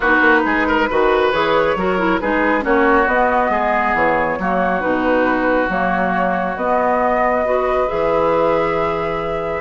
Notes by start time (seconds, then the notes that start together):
0.00 B3 D#4 F#4 B4
0.21 A#3
0.45 G#3 G#4
0.67 A#4
0.90 D#3 F#4 B4
1.31 E3 G#4 C#5
1.75 F#3 F#4 A#4
1.98 E4
2.19 G#3 D#4 G#4 B4
2.60 A#3 C#4 F#4 C#5
3.06 B3 D#5
3.49 G#3 G#4
3.93 E3 C#5
4.38 F#3 A#3 F#4
4.80 B2 D#4 B4
5.68 F#3 A#3 C#5
6.55 B3 D#5
7.45 F#4 B4
7.87 E3 G#4 E5